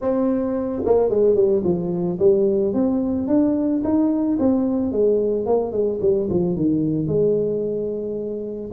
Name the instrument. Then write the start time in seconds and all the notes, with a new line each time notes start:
tuba
0.01 C4
0.85 A#3
1.10 G#3
1.35 G3
1.64 F3
2.19 G3
2.73 C4
3.27 D4
3.84 D#4
4.39 C4
4.92 G#3
5.46 A#3
5.72 G#3
6.01 G3
6.30 F3
6.56 D#3
7.07 G#3